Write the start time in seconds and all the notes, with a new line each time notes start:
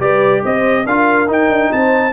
0.00 G3 G4 B4 D5
0.45 C4 C5 D#5
0.86 D4 F4 A#4 F5
1.28 D#4 G5
1.50 D4
1.72 C4 C5 A5